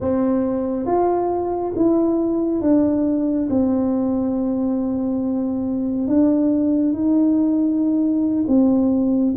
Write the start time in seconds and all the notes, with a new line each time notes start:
0.00 C4
0.86 F4
1.75 E4
2.61 D4
3.49 C4
6.07 D4
6.92 D#4
8.47 C4